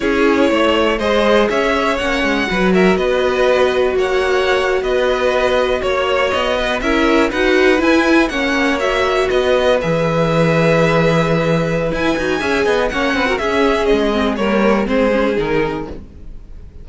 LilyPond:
<<
  \new Staff \with { instrumentName = "violin" } { \time 4/4 \tempo 4 = 121 cis''2 dis''4 e''4 | fis''4. e''8 dis''2 | fis''4.~ fis''16 dis''2 cis''16~ | cis''8. dis''4 e''4 fis''4 gis''16~ |
gis''8. fis''4 e''4 dis''4 e''16~ | e''1 | gis''2 fis''4 e''4 | dis''4 cis''4 c''4 ais'4 | }
  \new Staff \with { instrumentName = "violin" } { \time 4/4 gis'4 cis''4 c''4 cis''4~ | cis''4 b'8 ais'8 b'2 | cis''4.~ cis''16 b'2 cis''16~ | cis''4~ cis''16 b'8 ais'4 b'4~ b'16~ |
b'8. cis''2 b'4~ b'16~ | b'1~ | b'4 e''8 dis''8 cis''8 b'16 ais'16 gis'4~ | gis'4 ais'4 gis'2 | }
  \new Staff \with { instrumentName = "viola" } { \time 4/4 e'2 gis'2 | cis'4 fis'2.~ | fis'1~ | fis'4.~ fis'16 e'4 fis'4 e'16~ |
e'8. cis'4 fis'2 gis'16~ | gis'1 | e'8 fis'8 gis'4 cis'8. fis'16 cis'4~ | cis'8 c'8 ais4 c'8 cis'8 dis'4 | }
  \new Staff \with { instrumentName = "cello" } { \time 4/4 cis'4 a4 gis4 cis'4 | ais8 gis8 fis4 b2 | ais4.~ ais16 b2 ais16~ | ais8. b4 cis'4 dis'4 e'16~ |
e'8. ais2 b4 e16~ | e1 | e'8 dis'8 cis'8 b8 ais8 c'8 cis'4 | gis4 g4 gis4 dis4 | }
>>